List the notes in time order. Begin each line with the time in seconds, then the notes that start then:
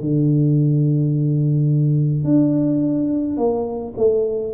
0.00 D3
2.24 D4
3.37 A#3
3.97 A3